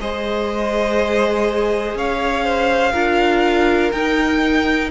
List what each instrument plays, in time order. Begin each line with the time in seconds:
0.00 cello G#3, viola G#4, violin C5 D#5
1.95 cello C#4, violin C#5 F5
2.44 violin C5
2.92 cello D4, viola F4, violin A#4
3.92 cello D#4, viola D#4, violin G5